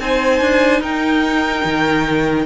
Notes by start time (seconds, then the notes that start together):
0.00 C4 D#4 C5 G#5
0.40 D4
0.81 D#4 A#4 G5
1.64 D#3